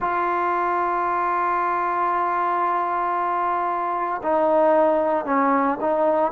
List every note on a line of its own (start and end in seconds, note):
0.00 4.21 F4
4.22 5.25 D#4
5.25 5.78 C#4
5.80 6.32 D#4